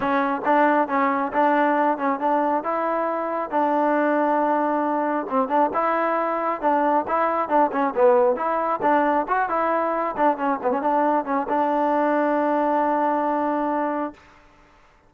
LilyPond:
\new Staff \with { instrumentName = "trombone" } { \time 4/4 \tempo 4 = 136 cis'4 d'4 cis'4 d'4~ | d'8 cis'8 d'4 e'2 | d'1 | c'8 d'8 e'2 d'4 |
e'4 d'8 cis'8 b4 e'4 | d'4 fis'8 e'4. d'8 cis'8 | b16 cis'16 d'4 cis'8 d'2~ | d'1 | }